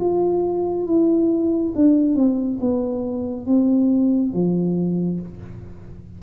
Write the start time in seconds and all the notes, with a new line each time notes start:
0.00 F4
0.87 E4
1.75 D4
2.15 C4
2.60 B3
3.47 C4
4.34 F3